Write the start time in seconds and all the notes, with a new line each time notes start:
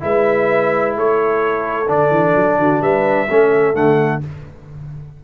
0.00 G#3 E4 B4 E5
0.96 A3 A4 C#5
1.88 D3 D4 D5
2.10 E3
2.35 F#3
2.58 D3 F#4
2.81 G3 B4 E5
3.29 A3 C#4 A4
3.74 D3 A3 F#5